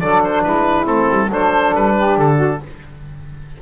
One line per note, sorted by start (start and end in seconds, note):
0.00 0.44 F#3
0.00 0.85 D4
0.00 0.43 A4
0.00 0.22 D5
0.24 0.43 C5
0.43 0.86 G#3
0.43 1.29 E4
0.43 0.86 B4
0.85 1.08 A3
0.85 1.28 C4
0.85 1.30 A4
1.10 1.29 G3
1.29 1.72 F#3
1.29 2.61 D4
1.29 1.95 A4
1.29 1.75 C5
1.74 2.17 G3
1.74 2.18 B4
1.96 2.37 G4
2.17 2.60 D3
2.17 2.62 A4
2.37 2.58 F#4